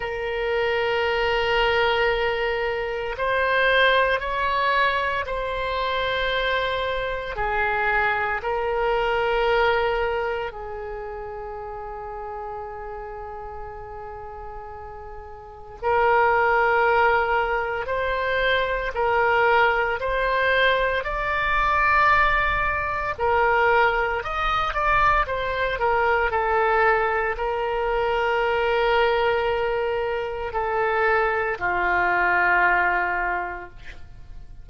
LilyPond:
\new Staff \with { instrumentName = "oboe" } { \time 4/4 \tempo 4 = 57 ais'2. c''4 | cis''4 c''2 gis'4 | ais'2 gis'2~ | gis'2. ais'4~ |
ais'4 c''4 ais'4 c''4 | d''2 ais'4 dis''8 d''8 | c''8 ais'8 a'4 ais'2~ | ais'4 a'4 f'2 | }